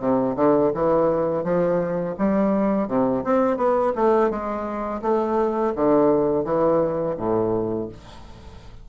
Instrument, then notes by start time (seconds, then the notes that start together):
bassoon
0.00 C3
0.36 D3
0.75 E3
1.44 F3
2.19 G3
2.88 C3
3.24 C4
3.57 B3
3.96 A3
4.30 G#3
5.02 A3
5.75 D3
6.44 E3
7.18 A2